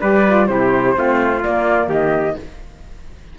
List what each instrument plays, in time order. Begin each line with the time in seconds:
0.00 cello G3, saxophone G4, trumpet B4, flute D5
0.27 saxophone F4
0.47 cello C3, saxophone E4, trumpet G4, flute C5
0.97 cello A3, saxophone C4, trumpet F4
1.42 saxophone A#3, cello A#3, flute D5
1.88 cello D#3, trumpet G4, flute D#5